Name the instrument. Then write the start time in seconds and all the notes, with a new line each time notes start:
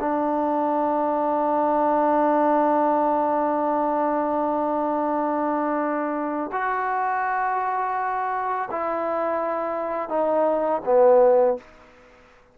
trombone
0.00 D4
6.52 F#4
8.71 E4
10.09 D#4
10.85 B3